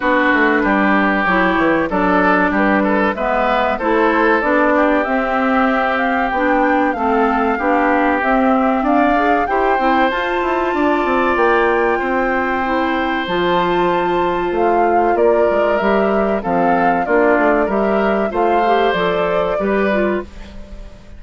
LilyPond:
<<
  \new Staff \with { instrumentName = "flute" } { \time 4/4 \tempo 4 = 95 b'2 cis''4 d''4 | b'4 e''4 c''4 d''4 | e''4. f''8 g''4 f''4~ | f''4 e''4 f''4 g''4 |
a''2 g''2~ | g''4 a''2 f''4 | d''4 e''4 f''4 d''4 | e''4 f''4 d''2 | }
  \new Staff \with { instrumentName = "oboe" } { \time 4/4 fis'4 g'2 a'4 | g'8 a'8 b'4 a'4. g'8~ | g'2. a'4 | g'2 d''4 c''4~ |
c''4 d''2 c''4~ | c''1 | ais'2 a'4 f'4 | ais'4 c''2 b'4 | }
  \new Staff \with { instrumentName = "clarinet" } { \time 4/4 d'2 e'4 d'4~ | d'4 b4 e'4 d'4 | c'2 d'4 c'4 | d'4 c'4. gis'8 g'8 e'8 |
f'1 | e'4 f'2.~ | f'4 g'4 c'4 d'4 | g'4 f'8 g'8 a'4 g'8 f'8 | }
  \new Staff \with { instrumentName = "bassoon" } { \time 4/4 b8 a8 g4 fis8 e8 fis4 | g4 gis4 a4 b4 | c'2 b4 a4 | b4 c'4 d'4 e'8 c'8 |
f'8 e'8 d'8 c'8 ais4 c'4~ | c'4 f2 a4 | ais8 gis8 g4 f4 ais8 a8 | g4 a4 f4 g4 | }
>>